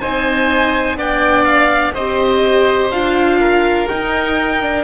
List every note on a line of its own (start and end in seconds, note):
0.00 0.96 C4
0.00 0.97 D#4
0.00 0.97 C5
0.00 0.97 G#5
0.96 1.93 B3
0.96 1.94 D4
0.96 1.94 D5
0.96 1.44 G5
1.44 1.93 F5
1.94 2.90 C4
1.94 2.92 G4
1.94 3.39 C5
1.94 2.91 D#5
2.90 3.87 D4
2.90 3.89 F4
2.90 3.88 F5
3.40 4.84 A#4
3.88 4.61 D#4
3.88 4.84 D#4
3.88 4.84 G5
4.62 4.84 D4